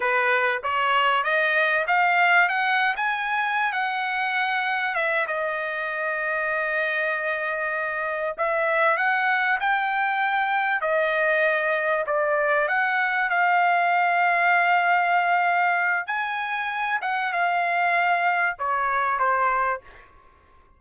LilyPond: \new Staff \with { instrumentName = "trumpet" } { \time 4/4 \tempo 4 = 97 b'4 cis''4 dis''4 f''4 | fis''8. gis''4~ gis''16 fis''2 | e''8 dis''2.~ dis''8~ | dis''4. e''4 fis''4 g''8~ |
g''4. dis''2 d''8~ | d''8 fis''4 f''2~ f''8~ | f''2 gis''4. fis''8 | f''2 cis''4 c''4 | }